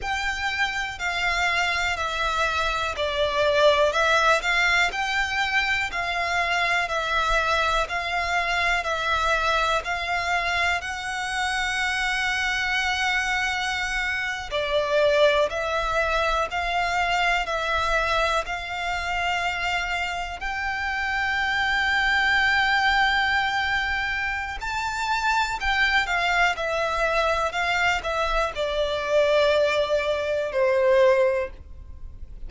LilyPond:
\new Staff \with { instrumentName = "violin" } { \time 4/4 \tempo 4 = 61 g''4 f''4 e''4 d''4 | e''8 f''8 g''4 f''4 e''4 | f''4 e''4 f''4 fis''4~ | fis''2~ fis''8. d''4 e''16~ |
e''8. f''4 e''4 f''4~ f''16~ | f''8. g''2.~ g''16~ | g''4 a''4 g''8 f''8 e''4 | f''8 e''8 d''2 c''4 | }